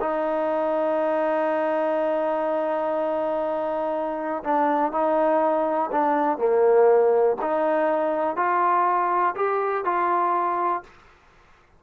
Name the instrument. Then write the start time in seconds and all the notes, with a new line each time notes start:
trombone
0.00 D#4
4.43 D4
4.92 D#4
5.91 D4
6.38 A#3
7.41 D#4
8.36 F4
9.35 G4
9.85 F4